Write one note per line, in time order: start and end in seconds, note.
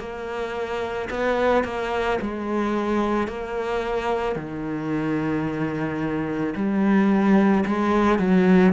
0.00 1.09 A#3
1.11 1.65 B3
1.65 2.19 A#3
2.22 3.28 G#3
3.28 4.36 A#3
4.36 6.54 D#3
6.56 7.65 G3
7.66 8.19 G#3
8.19 8.73 F#3